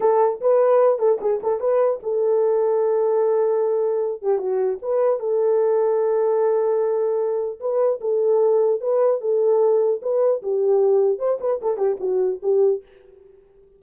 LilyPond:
\new Staff \with { instrumentName = "horn" } { \time 4/4 \tempo 4 = 150 a'4 b'4. a'8 gis'8 a'8 | b'4 a'2.~ | a'2~ a'8 g'8 fis'4 | b'4 a'2.~ |
a'2. b'4 | a'2 b'4 a'4~ | a'4 b'4 g'2 | c''8 b'8 a'8 g'8 fis'4 g'4 | }